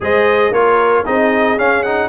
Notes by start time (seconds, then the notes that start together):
0.00 G#3 G#4 C5 D#5
0.51 A#3 F4 A#4 C#5
1.04 C4 D#4 G#4 D#5
1.56 C#4 F5
1.83 D#4 F#5